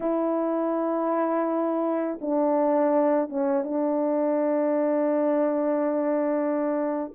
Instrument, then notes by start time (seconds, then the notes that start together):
horn
0.00 E4
2.21 D4
3.29 C#4
3.64 D4